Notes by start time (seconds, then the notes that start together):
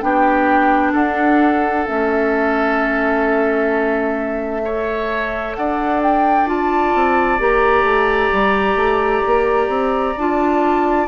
0.00 B3 D4 G4 G5
0.92 D4 A4 F#5
1.85 A3 C#4 E5
4.62 A4 C#5
5.54 D4 D5 F#5
6.02 G5
6.46 F4 A5
6.94 C4
7.38 A#3 G4 A#5
7.83 A3
8.32 G3
8.75 A3
9.26 A#3
9.68 C4
10.17 D4 F4 A5